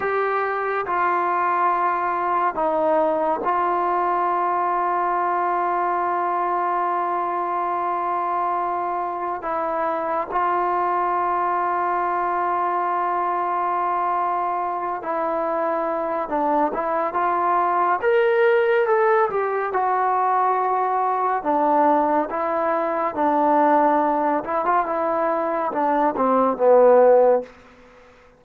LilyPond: \new Staff \with { instrumentName = "trombone" } { \time 4/4 \tempo 4 = 70 g'4 f'2 dis'4 | f'1~ | f'2. e'4 | f'1~ |
f'4. e'4. d'8 e'8 | f'4 ais'4 a'8 g'8 fis'4~ | fis'4 d'4 e'4 d'4~ | d'8 e'16 f'16 e'4 d'8 c'8 b4 | }